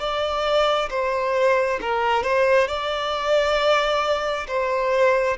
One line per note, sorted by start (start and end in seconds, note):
0.00 0.90 D5
0.90 1.80 C5
1.82 2.24 A#4
2.24 2.68 C5
2.68 4.47 D5
4.48 5.38 C5